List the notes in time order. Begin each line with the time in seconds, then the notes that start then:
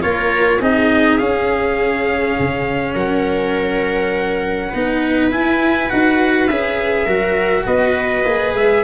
0.00 A#3 F4 A#4 C#5
0.59 C4 D#4 G#4 D#5
1.18 C#4 F5
2.39 C#3
2.94 F#3 A#4 F#5
4.69 B3 D#4 B4
5.31 E4 G#5
5.89 D#4 F#4 F#5
6.48 C#4 G#4 E5
7.05 F#3 F#4 A#4
7.66 B3 B4 D#5
8.25 A#3 G#4
8.54 G#3 E5